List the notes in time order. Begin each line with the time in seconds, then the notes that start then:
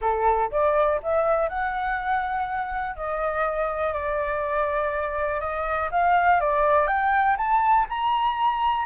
0.01 A4
0.51 D5
1.02 E5
1.48 F#5
2.96 D#5
3.93 D5
5.40 D#5
5.91 F5
6.40 D5
6.87 G5
7.37 A5
7.89 A#5